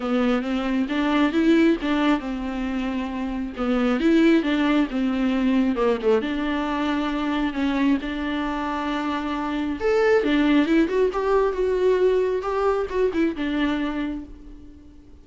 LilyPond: \new Staff \with { instrumentName = "viola" } { \time 4/4 \tempo 4 = 135 b4 c'4 d'4 e'4 | d'4 c'2. | b4 e'4 d'4 c'4~ | c'4 ais8 a8 d'2~ |
d'4 cis'4 d'2~ | d'2 a'4 d'4 | e'8 fis'8 g'4 fis'2 | g'4 fis'8 e'8 d'2 | }